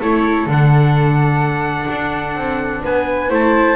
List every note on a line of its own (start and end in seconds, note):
0.00 0.46 A3
0.00 0.49 E4
0.00 2.81 A4
0.00 0.48 C#5
0.46 1.87 D3
0.46 3.30 D4
0.46 2.85 F#5
1.91 2.36 D4
2.36 2.83 C4
2.84 3.30 B3
2.84 3.29 B4
2.84 3.32 G#5
3.29 3.76 A3
3.29 3.76 E4
3.29 3.76 C5
3.29 3.76 A5